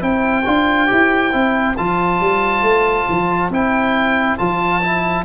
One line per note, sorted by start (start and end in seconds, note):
0.00 0.45 C4
0.00 0.43 E4
0.00 5.25 C5
0.00 1.77 G5
0.45 0.90 D4
0.45 0.87 F4
0.87 1.34 E4
0.87 1.31 G4
1.32 1.77 C4
1.32 1.75 E4
1.77 2.20 F3
1.77 3.51 F4
1.77 3.51 A5
2.20 2.62 G3
2.62 3.06 A3
3.09 3.49 F3
3.49 4.36 C4
3.49 4.38 E4
3.49 4.38 G5
4.38 5.25 F3
4.38 4.82 F4
4.38 5.25 A5
4.82 5.25 E4